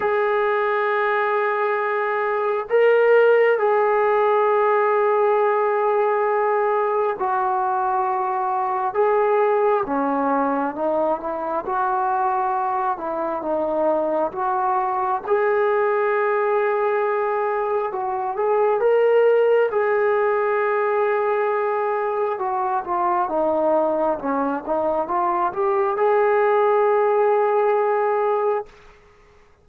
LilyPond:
\new Staff \with { instrumentName = "trombone" } { \time 4/4 \tempo 4 = 67 gis'2. ais'4 | gis'1 | fis'2 gis'4 cis'4 | dis'8 e'8 fis'4. e'8 dis'4 |
fis'4 gis'2. | fis'8 gis'8 ais'4 gis'2~ | gis'4 fis'8 f'8 dis'4 cis'8 dis'8 | f'8 g'8 gis'2. | }